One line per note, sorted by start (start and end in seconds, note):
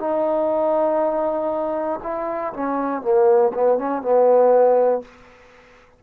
0.00 2.00 D#4
2.03 2.53 E4
2.54 3.01 C#4
3.01 3.51 A#3
3.54 3.78 B3
3.78 4.02 C#4
4.02 5.02 B3